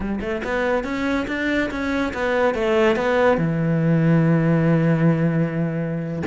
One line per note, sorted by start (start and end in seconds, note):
0.00 0.19 G3
0.21 0.42 A3
0.43 0.84 B3
0.84 1.26 C#4
1.27 1.69 D4
1.70 2.12 C#4
2.13 2.54 B3
2.54 2.96 A3
2.96 3.37 B3
3.37 6.22 E3